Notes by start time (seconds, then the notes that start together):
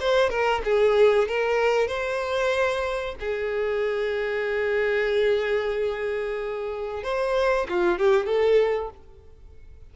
0.00 C5
0.30 A#4
0.64 G#4
1.28 A#4
1.88 C5
3.20 G#4
7.03 C5
7.69 F4
7.99 G4
8.26 A4